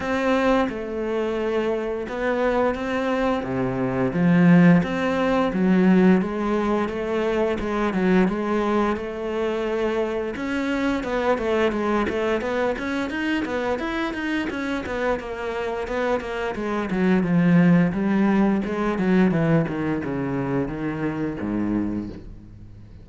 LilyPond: \new Staff \with { instrumentName = "cello" } { \time 4/4 \tempo 4 = 87 c'4 a2 b4 | c'4 c4 f4 c'4 | fis4 gis4 a4 gis8 fis8 | gis4 a2 cis'4 |
b8 a8 gis8 a8 b8 cis'8 dis'8 b8 | e'8 dis'8 cis'8 b8 ais4 b8 ais8 | gis8 fis8 f4 g4 gis8 fis8 | e8 dis8 cis4 dis4 gis,4 | }